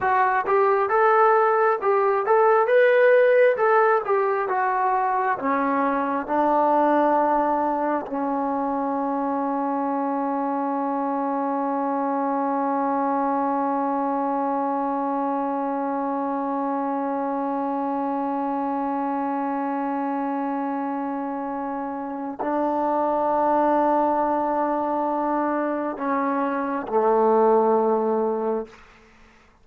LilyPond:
\new Staff \with { instrumentName = "trombone" } { \time 4/4 \tempo 4 = 67 fis'8 g'8 a'4 g'8 a'8 b'4 | a'8 g'8 fis'4 cis'4 d'4~ | d'4 cis'2.~ | cis'1~ |
cis'1~ | cis'1~ | cis'4 d'2.~ | d'4 cis'4 a2 | }